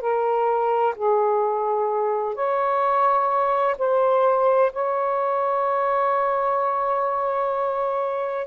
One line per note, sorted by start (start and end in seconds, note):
0.00 0.94 A#4
0.95 2.34 G#4
2.34 3.75 C#5
3.78 4.71 C5
4.72 8.47 C#5